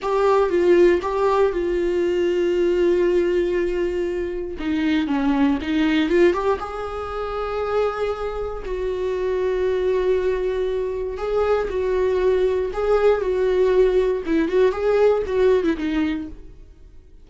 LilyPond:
\new Staff \with { instrumentName = "viola" } { \time 4/4 \tempo 4 = 118 g'4 f'4 g'4 f'4~ | f'1~ | f'4 dis'4 cis'4 dis'4 | f'8 g'8 gis'2.~ |
gis'4 fis'2.~ | fis'2 gis'4 fis'4~ | fis'4 gis'4 fis'2 | e'8 fis'8 gis'4 fis'8. e'16 dis'4 | }